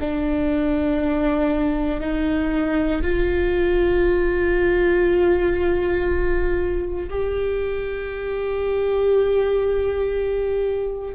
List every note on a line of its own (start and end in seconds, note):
0.00 2.00 D4
2.00 3.02 D#4
3.02 7.09 F4
7.10 11.14 G4